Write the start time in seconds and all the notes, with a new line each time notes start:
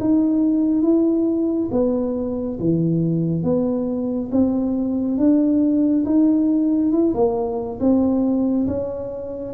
0.00 D#4
0.82 E4
1.72 B3
2.60 E3
3.43 B3
4.32 C4
5.18 D4
6.05 D#4
6.92 E4
7.14 A#3
7.80 C4
8.67 C#4